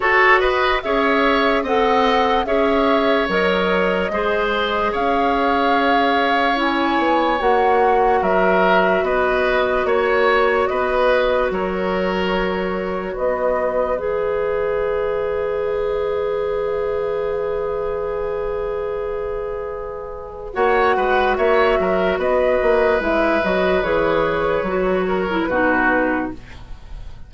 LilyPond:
<<
  \new Staff \with { instrumentName = "flute" } { \time 4/4 \tempo 4 = 73 cis''8 dis''8 e''4 fis''4 e''4 | dis''2 f''2 | gis''4 fis''4 e''4 dis''4 | cis''4 dis''4 cis''2 |
dis''4 e''2.~ | e''1~ | e''4 fis''4 e''4 dis''4 | e''8 dis''8 cis''2 b'4 | }
  \new Staff \with { instrumentName = "oboe" } { \time 4/4 a'8 b'8 cis''4 dis''4 cis''4~ | cis''4 c''4 cis''2~ | cis''2 ais'4 b'4 | cis''4 b'4 ais'2 |
b'1~ | b'1~ | b'4 cis''8 b'8 cis''8 ais'8 b'4~ | b'2~ b'8 ais'8 fis'4 | }
  \new Staff \with { instrumentName = "clarinet" } { \time 4/4 fis'4 gis'4 a'4 gis'4 | ais'4 gis'2. | e'4 fis'2.~ | fis'1~ |
fis'4 gis'2.~ | gis'1~ | gis'4 fis'2. | e'8 fis'8 gis'4 fis'8. e'16 dis'4 | }
  \new Staff \with { instrumentName = "bassoon" } { \time 4/4 fis'4 cis'4 c'4 cis'4 | fis4 gis4 cis'2~ | cis'8 b8 ais4 fis4 b4 | ais4 b4 fis2 |
b4 e2.~ | e1~ | e4 ais8 gis8 ais8 fis8 b8 ais8 | gis8 fis8 e4 fis4 b,4 | }
>>